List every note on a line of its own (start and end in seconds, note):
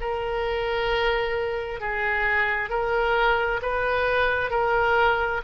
0.00 1.80 A#4
1.80 2.69 G#4
2.69 3.60 A#4
3.62 4.50 B4
4.50 5.41 A#4